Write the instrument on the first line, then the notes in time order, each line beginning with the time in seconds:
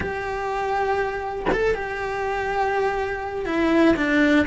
cello
0.00 G4
1.52 A4
1.74 G4
3.45 E4
3.96 D4